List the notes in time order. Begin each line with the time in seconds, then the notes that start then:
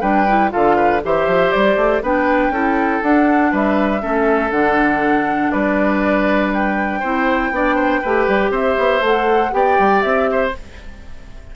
0.00 G3 D4 B4 G5
0.27 E4
0.50 D3 F4 A4 F5
0.75 B4
1.03 E3 G4 C5 E5
1.27 F3
1.51 G3 D5
1.76 A3
2.01 B3 D4 B4 G5
2.49 C#4 E4 A4
3.02 D4 F#5
3.51 G3 B4 E5
4.00 A3 C#4 A4
4.51 D3 D4 F#5
5.51 G3 B4 D5
6.53 G5
6.99 C4 E4 C5
7.50 B3 D4 D5
7.75 C5
8.02 A3 G4 B4
8.27 G3
8.50 C4 C5 E5
8.78 B3
9.00 A3 A4 F#5
9.51 B3 G4 D5 G5
9.78 G3
10.01 C4 E5
10.30 C5